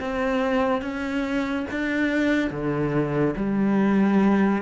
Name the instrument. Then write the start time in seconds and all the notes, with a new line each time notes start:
cello
0.00 C4
0.81 C#4
1.71 D4
2.50 D3
3.36 G3